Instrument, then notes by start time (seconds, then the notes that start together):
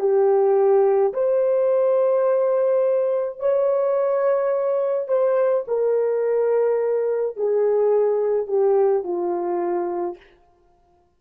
horn
0.00 G4
1.14 C5
3.40 C#5
5.08 C5
5.68 A#4
7.37 G#4
8.48 G4
9.04 F4